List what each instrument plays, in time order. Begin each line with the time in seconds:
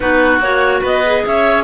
0.00 cello B3, clarinet D#4 B4, oboe F#4
0.39 cello A#3, clarinet F#4 C#5
0.80 cello B3, oboe B4, clarinet D#5
1.04 clarinet G#4
1.26 cello C#4, oboe C#5, clarinet E5